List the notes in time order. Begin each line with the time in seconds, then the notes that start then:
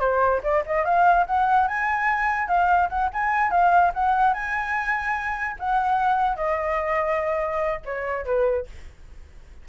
0.00 C5
0.43 D5
0.66 D#5
0.84 F5
1.26 F#5
1.68 G#5
2.48 F5
2.89 F#5
3.13 G#5
3.51 F5
3.94 F#5
4.34 G#5
5.59 F#5
6.36 D#5
7.85 C#5
8.25 B4